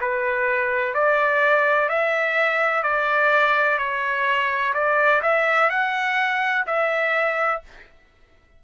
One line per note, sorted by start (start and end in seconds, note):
0.00 0.94 B4
0.94 1.89 D5
1.89 2.83 E5
2.83 3.77 D5
3.77 4.73 C#5
4.74 5.21 D5
5.22 5.70 E5
5.70 6.65 F#5
6.66 7.61 E5